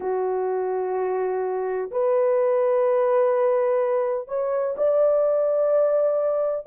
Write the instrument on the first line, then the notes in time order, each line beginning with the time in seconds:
horn
0.00 F#4
1.90 B4
4.28 C#5
4.77 D5